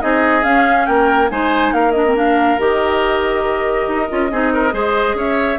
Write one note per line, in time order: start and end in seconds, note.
0.00 0.44 C4
0.00 0.43 D#4
0.00 0.87 G#4
0.00 0.43 D#5
0.43 1.28 C#4
0.43 0.87 C#4
0.43 0.86 F5
0.86 1.30 A#3
0.86 1.30 A#4
0.86 1.29 G5
1.30 1.72 G#3
1.30 1.94 D#4
1.30 1.74 C5
1.30 1.73 G#5
1.72 2.58 A#3
1.72 4.31 A#4
1.72 1.92 F5
1.92 2.05 D4
1.92 2.13 D#5
2.06 2.16 C4
2.16 2.58 D4
2.16 2.60 F5
2.58 3.87 D#3
2.58 4.09 G4
2.58 5.18 D#5
3.88 4.09 D#4
4.09 4.32 C#4
4.09 4.30 F4
4.31 4.73 C4
4.31 4.71 D#4
4.31 4.53 G#4
4.53 4.73 A#4
4.71 5.14 G#3
4.71 5.57 G#4
4.71 5.16 C5
5.14 5.57 C#4
5.14 5.59 C#5
5.14 5.59 E5